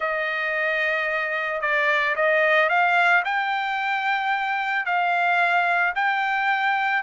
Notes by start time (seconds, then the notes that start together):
0.00 D#5
1.61 D5
2.15 D#5
2.69 F5
3.24 G5
4.85 F5
5.95 G5